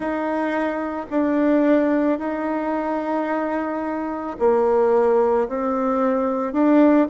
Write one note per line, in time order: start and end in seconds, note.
0.00 1.06 D#4
1.10 2.18 D4
2.18 4.36 D#4
4.39 5.48 A#3
5.48 6.52 C4
6.52 7.07 D4